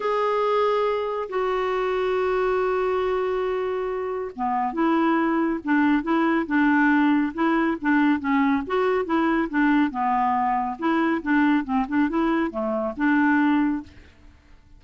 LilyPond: \new Staff \with { instrumentName = "clarinet" } { \time 4/4 \tempo 4 = 139 gis'2. fis'4~ | fis'1~ | fis'2 b4 e'4~ | e'4 d'4 e'4 d'4~ |
d'4 e'4 d'4 cis'4 | fis'4 e'4 d'4 b4~ | b4 e'4 d'4 c'8 d'8 | e'4 a4 d'2 | }